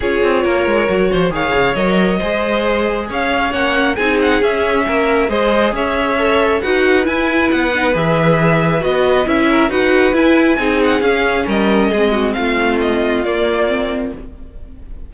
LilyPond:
<<
  \new Staff \with { instrumentName = "violin" } { \time 4/4 \tempo 4 = 136 cis''2. f''4 | dis''2. f''4 | fis''4 gis''8 fis''8 e''2 | dis''4 e''2 fis''4 |
gis''4 fis''4 e''2 | dis''4 e''4 fis''4 gis''4~ | gis''8 fis''8 f''4 dis''2 | f''4 dis''4 d''2 | }
  \new Staff \with { instrumentName = "violin" } { \time 4/4 gis'4 ais'4. c''8 cis''4~ | cis''4 c''2 cis''4~ | cis''4 gis'2 ais'4 | c''4 cis''2 b'4~ |
b'1~ | b'4. ais'8 b'2 | gis'2 ais'4 gis'8 fis'8 | f'1 | }
  \new Staff \with { instrumentName = "viola" } { \time 4/4 f'2 fis'4 gis'4 | ais'4 gis'2. | cis'4 dis'4 cis'2 | gis'2 a'4 fis'4 |
e'4. dis'8 gis'2 | fis'4 e'4 fis'4 e'4 | dis'4 cis'2 c'4~ | c'2 ais4 c'4 | }
  \new Staff \with { instrumentName = "cello" } { \time 4/4 cis'8 c'8 ais8 gis8 fis8 f8 dis8 cis8 | fis4 gis2 cis'4 | ais4 c'4 cis'4 ais4 | gis4 cis'2 dis'4 |
e'4 b4 e2 | b4 cis'4 dis'4 e'4 | c'4 cis'4 g4 gis4 | a2 ais2 | }
>>